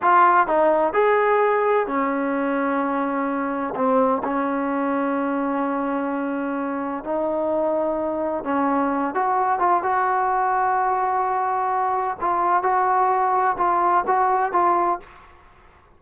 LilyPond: \new Staff \with { instrumentName = "trombone" } { \time 4/4 \tempo 4 = 128 f'4 dis'4 gis'2 | cis'1 | c'4 cis'2.~ | cis'2. dis'4~ |
dis'2 cis'4. fis'8~ | fis'8 f'8 fis'2.~ | fis'2 f'4 fis'4~ | fis'4 f'4 fis'4 f'4 | }